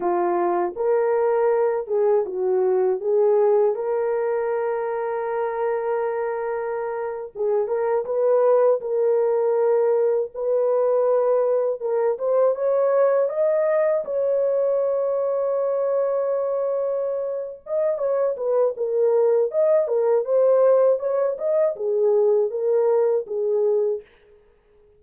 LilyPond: \new Staff \with { instrumentName = "horn" } { \time 4/4 \tempo 4 = 80 f'4 ais'4. gis'8 fis'4 | gis'4 ais'2.~ | ais'4.~ ais'16 gis'8 ais'8 b'4 ais'16~ | ais'4.~ ais'16 b'2 ais'16~ |
ais'16 c''8 cis''4 dis''4 cis''4~ cis''16~ | cis''2.~ cis''8 dis''8 | cis''8 b'8 ais'4 dis''8 ais'8 c''4 | cis''8 dis''8 gis'4 ais'4 gis'4 | }